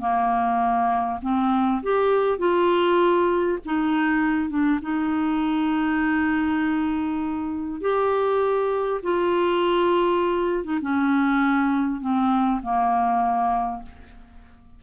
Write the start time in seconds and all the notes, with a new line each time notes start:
0.00 A#3
1.22 C4
1.83 G4
2.38 F4
3.65 D#4
4.50 D4
4.82 D#4
7.81 G4
9.03 F4
10.64 D#4
10.82 C#4
12.01 C4
12.62 A#3